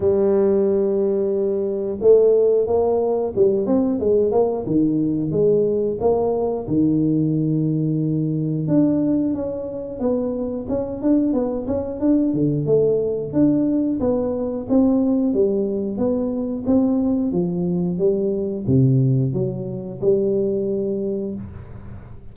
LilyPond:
\new Staff \with { instrumentName = "tuba" } { \time 4/4 \tempo 4 = 90 g2. a4 | ais4 g8 c'8 gis8 ais8 dis4 | gis4 ais4 dis2~ | dis4 d'4 cis'4 b4 |
cis'8 d'8 b8 cis'8 d'8 d8 a4 | d'4 b4 c'4 g4 | b4 c'4 f4 g4 | c4 fis4 g2 | }